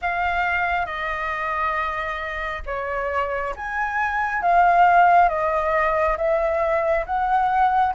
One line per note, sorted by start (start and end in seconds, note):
0.01 0.86 F5
0.86 2.62 D#5
2.66 3.54 C#5
3.55 4.42 G#5
4.42 5.28 F5
5.28 6.16 D#5
6.17 7.05 E5
7.05 7.94 F#5